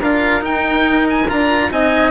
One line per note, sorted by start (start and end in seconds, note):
0.00 0.42 D4
0.00 0.40 F4
0.00 1.68 A#4
0.00 0.44 F5
0.40 1.24 D#4
0.40 1.08 G5
0.46 1.30 D#4
1.09 1.29 G#5
1.29 1.71 D4
1.29 1.71 F4
1.29 1.71 A#5
1.71 2.11 C4
1.71 2.11 D#4
1.71 2.11 D#5
1.71 2.11 G#5